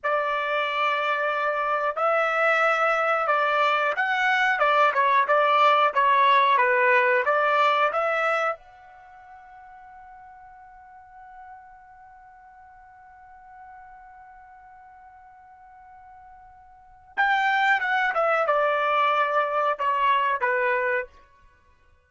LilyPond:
\new Staff \with { instrumentName = "trumpet" } { \time 4/4 \tempo 4 = 91 d''2. e''4~ | e''4 d''4 fis''4 d''8 cis''8 | d''4 cis''4 b'4 d''4 | e''4 fis''2.~ |
fis''1~ | fis''1~ | fis''2 g''4 fis''8 e''8 | d''2 cis''4 b'4 | }